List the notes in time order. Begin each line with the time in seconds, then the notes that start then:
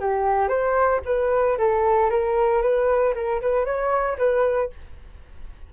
0.00 G4
0.49 C5
1.06 B4
1.59 A4
2.10 A#4
2.62 B4
3.15 A#4
3.42 B4
3.66 C#5
4.19 B4